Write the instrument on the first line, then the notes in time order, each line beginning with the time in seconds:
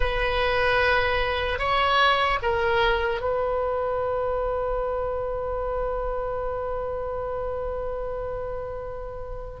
oboe
0.00 B4
1.59 C#5
2.42 A#4
3.20 B4